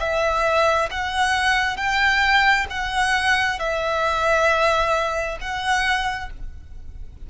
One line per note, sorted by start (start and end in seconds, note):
0.00 0.90 E5
0.91 1.77 F#5
1.77 2.67 G5
2.70 3.59 F#5
3.59 5.39 E5
5.41 6.31 F#5